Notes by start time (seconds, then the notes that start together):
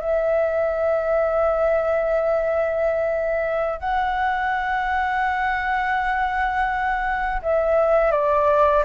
0.00 E5
3.80 F#5
7.42 E5
8.11 D5